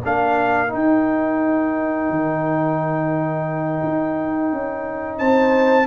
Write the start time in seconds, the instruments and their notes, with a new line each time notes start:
0.00 tuba A#3, trombone D4, horn A#4, trumpet F5
0.67 trombone D#4, tuba D#4
0.73 trumpet G5
2.09 tuba D#3
3.83 tuba D#4
4.52 tuba C#4
5.18 tuba C4, horn C5, trumpet A5